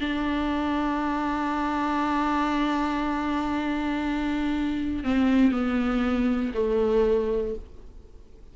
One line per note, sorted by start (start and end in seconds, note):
0.00 5.04 D4
5.04 5.51 C4
5.51 6.52 B3
6.54 7.55 A3